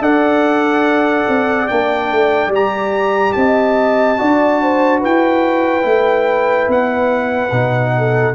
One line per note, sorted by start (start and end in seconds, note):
0.00 1.25 D4
0.00 1.68 A4
0.00 3.36 D5
0.00 1.68 F#5
1.28 1.70 C4
1.68 2.12 A#3
1.68 2.52 D4
1.68 2.51 G5
2.12 2.48 A3
2.48 3.31 G3
2.48 4.18 G4
2.55 3.33 A#5
3.33 4.19 C4
3.33 4.20 D#5
3.33 4.99 A5
4.18 5.04 D4
4.18 5.82 F#4
4.18 4.61 D5
4.62 5.00 C5
5.00 5.85 E4
5.00 7.92 B4
5.00 6.71 G5
5.82 6.68 A3
5.82 7.49 E4
6.68 7.51 B3
6.68 8.35 F#5
7.52 8.35 B2
7.52 8.35 D#4
7.97 8.35 A4